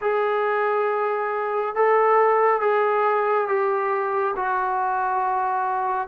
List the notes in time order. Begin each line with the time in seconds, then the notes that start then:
0.01 G#4
1.75 A4
2.60 G#4
3.47 G4
4.36 F#4